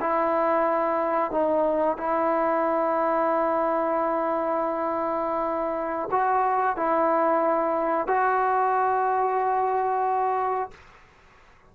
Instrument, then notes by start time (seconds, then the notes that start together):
trombone
0.00 E4
1.31 D#4
1.97 E4
6.11 F#4
6.76 E4
8.07 F#4